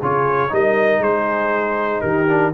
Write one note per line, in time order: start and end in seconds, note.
0.00 0.52 C#3
0.00 0.49 F4
0.00 0.51 G#4
0.00 0.54 C#5
0.49 0.99 G3
0.49 2.27 D#4
0.49 1.01 A#4
0.49 1.03 D#5
0.99 2.00 G#3
0.99 2.02 G#4
0.99 2.01 C5
2.01 2.53 D#3
2.01 2.52 G4
2.01 2.52 A#4
2.27 2.53 D4